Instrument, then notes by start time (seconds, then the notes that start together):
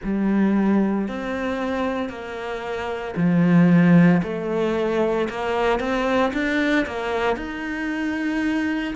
cello
0.03 G3
1.08 C4
2.09 A#3
3.16 F3
4.22 A3
5.29 A#3
5.79 C4
6.33 D4
6.86 A#3
7.36 D#4